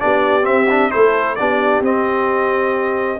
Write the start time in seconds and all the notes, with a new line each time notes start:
0.00 B3 D4 G4 D5
0.42 C4 E5
0.70 D4
0.91 A3 E4 A4 C5
1.35 B3 D4 G4 D5
1.80 C4 D#5